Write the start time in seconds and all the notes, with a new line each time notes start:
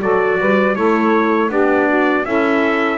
0.00 F#3 F#4 A4 D5
0.39 G3 B4
0.75 A3 E4 A4 C#5
1.48 B3 D4 G4 D5
1.88 F#4
2.24 C#4 E4 A4 E5